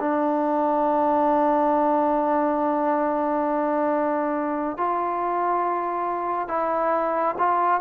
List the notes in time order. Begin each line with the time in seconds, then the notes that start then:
0.00 D4
4.78 F4
6.49 E4
7.39 F4